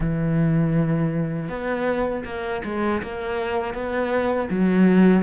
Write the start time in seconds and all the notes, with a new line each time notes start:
0.00 E3
1.48 B3
2.25 A#3
2.64 G#3
3.02 A#3
3.73 B3
4.50 F#3